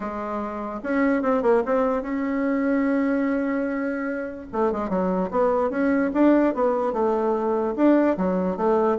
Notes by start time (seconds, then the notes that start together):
0.00 G#3
0.83 C#4
1.22 C4
1.42 A#3
1.65 C4
2.02 C#4
4.52 A3
4.72 G#3
4.89 F#3
5.31 B3
5.70 C#4
6.13 D4
6.54 B3
6.92 A3
7.76 D4
8.17 F#3
8.57 A3